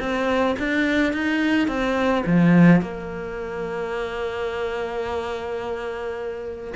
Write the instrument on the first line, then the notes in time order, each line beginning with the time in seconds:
cello
0.00 C4
0.59 D4
1.13 D#4
1.68 C4
2.26 F3
2.82 A#3